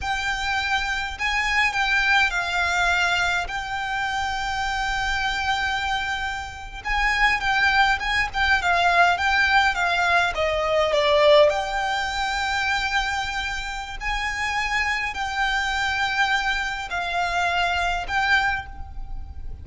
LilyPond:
\new Staff \with { instrumentName = "violin" } { \time 4/4 \tempo 4 = 103 g''2 gis''4 g''4 | f''2 g''2~ | g''2.~ g''8. gis''16~ | gis''8. g''4 gis''8 g''8 f''4 g''16~ |
g''8. f''4 dis''4 d''4 g''16~ | g''1 | gis''2 g''2~ | g''4 f''2 g''4 | }